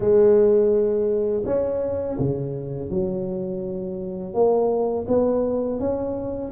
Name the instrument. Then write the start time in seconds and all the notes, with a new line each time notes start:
tuba
0.00 G#3
1.45 C#4
2.19 C#3
2.89 F#3
4.33 A#3
5.07 B3
5.79 C#4